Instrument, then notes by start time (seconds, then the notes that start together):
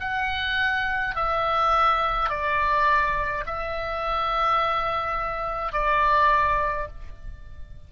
oboe
0.00 F#5
1.15 E5
2.29 D5
3.46 E5
5.72 D5